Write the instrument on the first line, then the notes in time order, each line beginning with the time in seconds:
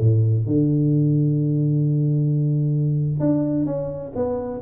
tuba
0.00 A2
0.46 D3
3.20 D4
3.66 C#4
4.15 B3